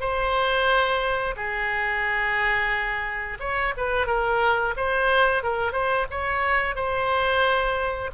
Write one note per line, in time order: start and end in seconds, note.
0.00 1.35 C5
1.36 3.39 G#4
3.40 3.74 C#5
3.77 4.07 B4
4.07 4.74 A#4
4.77 5.43 C5
5.43 5.72 A#4
5.72 6.06 C5
6.11 6.76 C#5
6.76 8.11 C5